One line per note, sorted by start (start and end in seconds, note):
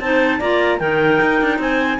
0.00 0.40 C4
0.00 0.41 D#4
0.00 0.39 C5
0.00 0.40 A5
0.39 0.81 A#3
0.39 0.80 F4
0.39 0.79 D5
0.39 0.79 A#5
0.79 1.21 D#3
0.79 2.00 D#4
0.79 1.59 A#4
0.79 1.59 G5
1.22 1.41 D#4
1.41 1.59 D4
1.59 1.99 C4
1.59 1.99 C5
1.59 2.00 G#5